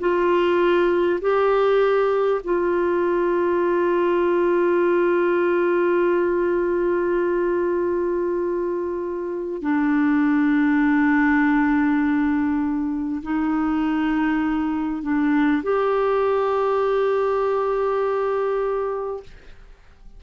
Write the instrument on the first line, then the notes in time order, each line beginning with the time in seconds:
clarinet
0.00 F4
1.22 G4
2.44 F4
9.62 D4
13.23 D#4
15.03 D4
15.63 G4